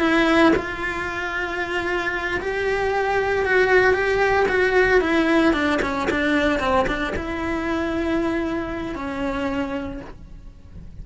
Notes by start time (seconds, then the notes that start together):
0.00 E4
0.56 F4
2.41 G4
3.45 F#4
3.94 G4
4.49 F#4
5.01 E4
5.53 D4
5.82 C#4
6.10 D4
6.60 C4
6.87 D4
7.16 E4
8.95 C#4